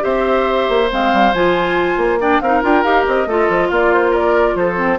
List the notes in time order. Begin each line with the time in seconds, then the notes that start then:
0.00 C4 G4 C5 E5
0.69 A#3
0.90 G#3 C4 F5
1.13 G3
1.34 F3 F4 G#5
1.97 A#3
2.20 D4 D5 G5
2.41 C4 D#4 A#4 F5
2.62 D4 F4 G5
2.83 D#4 G4 F5
3.06 C4 D#5
3.26 A3 F4 A4
3.49 F3
3.68 A#3 F4 D5
3.93 C5
4.11 A#4 D5
4.55 F3 A4 C5
4.76 C4